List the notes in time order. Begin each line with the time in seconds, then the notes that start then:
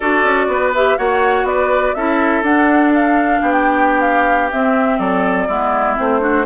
0.00 D4 F#4 A4 D5
0.23 C#4
0.47 B3 B4
0.74 G4 E5
0.97 A#3 F#4 C#5 F#5
1.43 B3 B4 D5
1.94 C#4 E4 A4 E5
2.42 D4 F#5
2.93 F5
3.41 B3 G4
3.52 G5
4.01 F5
4.51 C4 E5
4.98 F#3 A4 D5
5.47 G#3 B3 E4
5.96 A3 C4 C5
6.19 D4 F#4